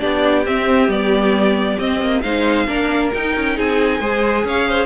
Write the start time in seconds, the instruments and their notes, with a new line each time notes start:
0.00 cello B3, viola D4, violin G4 D5
0.46 viola C4, cello C4, violin E5
0.88 cello G3, viola B3, violin D5
1.79 viola C4, cello C4, violin D#5
2.01 cello A#3
2.22 cello G#3, viola D#4, violin C5 F5
2.68 cello A#3, viola D4, violin A#4
3.15 cello D#4, viola D#4, violin G5
3.37 cello C#4
3.56 cello C4, violin G#4 G#5
4.00 cello G#3, viola G#4, violin C5
4.45 cello C#4, violin C#5 F5
4.69 violin C5